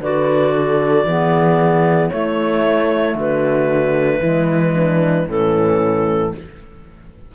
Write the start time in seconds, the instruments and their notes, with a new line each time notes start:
0.00 cello D3, clarinet F#4 D5, horn B4
0.54 horn A4
1.04 cello E3, clarinet B3, horn G#4
2.10 clarinet A3 C#5, cello A3, horn E4
3.15 cello D3, horn F#4, clarinet B4
4.18 cello E3, clarinet G#3, horn E4
4.75 horn D4
5.27 cello A2, clarinet E3 A4, horn C#4